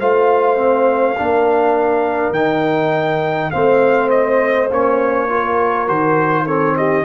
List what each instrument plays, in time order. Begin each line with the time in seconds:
0.00 tuba A3, trombone F4, horn C5, trumpet F5
0.57 trombone C4
1.17 tuba A#3, trombone D4, horn A#4
2.31 tuba D#3, trombone D#4, trumpet G5
3.51 tuba A3, trombone C4, horn C5, trumpet F5
4.10 trumpet D#5
4.71 tuba A#3, trombone C#4, trumpet C#5
5.29 trombone F4, horn A#4
5.88 tuba D#3, trombone F#4, trumpet C5
6.46 trombone C4, horn A4, trumpet C#5
6.77 horn G4, trumpet D#5